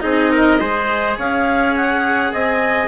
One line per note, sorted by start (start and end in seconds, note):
0.00 0.60 C4
0.00 0.57 D#4
0.00 0.31 G#4
0.00 1.15 D#5
0.31 0.60 A#4
0.60 1.17 G#3
0.60 2.87 G#4
0.60 1.17 C5
1.17 2.32 C#4
1.17 2.32 C#5
1.17 1.76 F5
1.76 2.33 F#5
2.32 2.87 C4
2.32 2.87 D#5
2.32 2.87 G#5